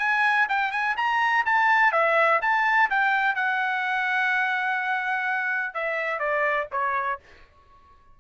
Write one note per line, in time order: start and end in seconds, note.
0.00 0.48 G#5
0.49 0.72 G5
0.72 0.96 G#5
0.98 1.46 A#5
1.46 1.92 A5
1.92 2.40 E5
2.42 2.90 A5
2.90 3.36 G5
3.36 5.74 F#5
5.74 6.20 E5
6.20 6.68 D5
6.72 7.20 C#5